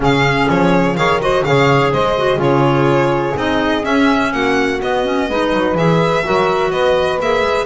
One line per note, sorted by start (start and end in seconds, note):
0.00 0.47 C#3
0.00 0.96 C#4
0.00 0.96 G#4
0.00 0.48 F5
0.48 0.96 F3
0.48 0.96 C#5
0.96 1.44 D#3
0.96 1.20 G#4
0.96 1.20 C#5
0.96 1.20 F5
1.20 1.44 F#4
1.20 1.46 C5
1.20 1.44 D#5
1.44 1.93 C#3
1.44 2.17 G#4
1.44 1.92 C#5
1.44 1.92 F5
1.92 2.37 G#3
1.92 2.39 C5
1.92 2.41 D#5
2.17 2.38 F#4
2.37 3.33 C#3
2.37 3.34 F4
2.37 4.30 G#4
2.37 3.37 C#5
3.35 3.84 C4
3.35 3.82 D#4
3.35 3.84 D#5
3.82 4.78 C#4
3.82 4.32 C#4
3.82 4.32 E5
4.32 4.80 A#3
4.32 5.28 F#4
4.32 4.80 F#5
4.80 5.04 B3
4.80 5.29 B3
4.80 5.76 D#5
5.04 5.28 C#4
5.28 5.53 G#3
5.28 5.76 D#4
5.28 6.24 B4
5.53 5.74 F#3
5.74 6.22 E3
5.74 6.23 G#4
5.74 6.71 E5
6.23 6.70 F#3
6.23 7.19 F#4
6.23 6.70 A#4
6.70 7.18 B3
6.70 7.66 B4
6.70 7.19 D#5
7.20 7.42 A#3
7.20 7.66 G#4
7.20 7.66 E5
7.42 7.66 G#3